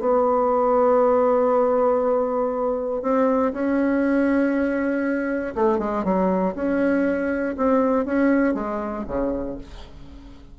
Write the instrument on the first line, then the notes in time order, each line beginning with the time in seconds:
bassoon
0.00 B3
3.03 C4
3.53 C#4
5.55 A3
5.79 G#3
6.05 F#3
6.55 C#4
7.57 C4
8.06 C#4
8.54 G#3
9.08 C#3